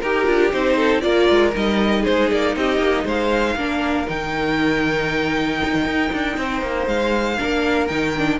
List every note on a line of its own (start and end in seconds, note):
0.00 0.27 D#4
0.00 0.76 G4
0.00 0.25 G4
0.00 0.51 A#4
0.25 0.52 D4
0.25 0.50 F4
0.51 1.03 C4
0.51 1.01 D#4
0.51 1.00 C5
0.76 1.02 A4
1.00 1.29 A#3
1.00 1.52 F4
1.00 2.01 A#4
1.00 1.51 D5
1.29 1.54 G#3
1.53 2.06 G3
1.53 3.56 D#4
1.53 2.04 D#5
2.01 2.51 G#4
2.01 2.30 C5
2.08 2.31 G#3
2.30 2.56 A#3
2.30 2.56 D5
2.56 2.78 C4
2.56 3.04 G4
2.56 3.07 D#5
2.78 3.04 A#3
3.04 3.55 G#3
3.04 3.55 C5
3.04 4.09 F5
3.55 4.06 A#3
3.55 4.06 D4
3.55 6.37 A#4
4.06 5.61 D#3
4.06 7.37 D#4
4.06 6.87 G5
5.64 5.74 D#4
5.74 5.85 D#3
5.85 6.11 D#4
6.12 6.37 D4
6.37 6.61 C4
6.37 7.38 C5
6.61 6.86 A#3
6.86 7.37 G#3
6.86 7.87 F5
7.38 7.90 A#3
7.38 7.88 D4
7.38 8.40 A#4
7.87 8.40 D#3
7.87 8.15 D#4
7.87 8.38 G5
8.17 8.40 D4